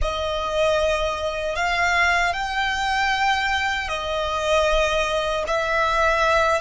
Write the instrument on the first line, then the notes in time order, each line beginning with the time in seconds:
violin
0.01 D#5
1.55 F5
2.33 G5
3.88 D#5
5.47 E5